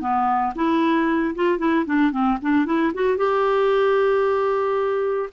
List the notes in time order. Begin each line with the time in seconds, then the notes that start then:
0.00 B3
0.55 E4
1.35 F4
1.58 E4
1.85 D4
2.11 C4
2.41 D4
2.65 E4
2.94 F#4
3.17 G4